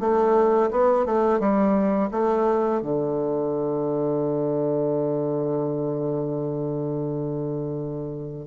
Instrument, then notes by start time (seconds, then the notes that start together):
bassoon
0.00 A3
0.71 B3
1.06 A3
1.40 G3
2.11 A3
2.82 D3